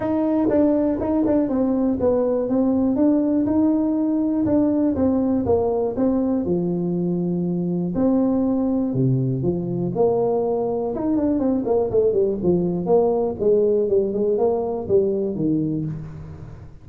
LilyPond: \new Staff \with { instrumentName = "tuba" } { \time 4/4 \tempo 4 = 121 dis'4 d'4 dis'8 d'8 c'4 | b4 c'4 d'4 dis'4~ | dis'4 d'4 c'4 ais4 | c'4 f2. |
c'2 c4 f4 | ais2 dis'8 d'8 c'8 ais8 | a8 g8 f4 ais4 gis4 | g8 gis8 ais4 g4 dis4 | }